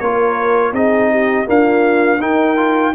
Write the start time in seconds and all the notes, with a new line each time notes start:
0.00 A#3 F4 A#4 C#5
0.72 C4 D#4 G#4 D#5
1.10 G4
1.46 A#3 D4 F4 F5
2.20 D#4 A#4 G5
2.57 F4